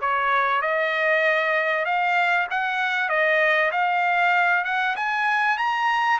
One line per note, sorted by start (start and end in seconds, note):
0.00 0.61 C#5
0.61 1.85 D#5
1.85 2.47 F5
2.50 3.09 F#5
3.09 3.71 D#5
3.71 4.64 F5
4.64 4.95 F#5
4.96 5.58 G#5
5.58 6.19 A#5